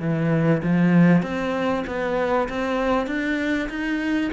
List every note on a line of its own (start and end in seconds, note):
0.00 0.62 E3
0.63 1.22 F3
1.22 1.84 C4
1.86 2.48 B3
2.49 3.07 C4
3.07 3.69 D4
3.69 4.31 D#4